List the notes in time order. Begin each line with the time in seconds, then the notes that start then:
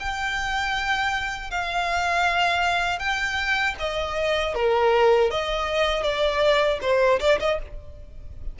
0.00 G5
1.51 F5
2.99 G5
3.79 D#5
4.55 A#4
5.31 D#5
6.03 D5
6.82 C5
7.20 D5
7.40 D#5